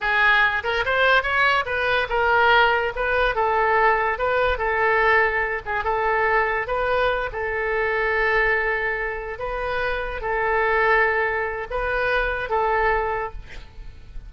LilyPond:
\new Staff \with { instrumentName = "oboe" } { \time 4/4 \tempo 4 = 144 gis'4. ais'8 c''4 cis''4 | b'4 ais'2 b'4 | a'2 b'4 a'4~ | a'4. gis'8 a'2 |
b'4. a'2~ a'8~ | a'2~ a'8 b'4.~ | b'8 a'2.~ a'8 | b'2 a'2 | }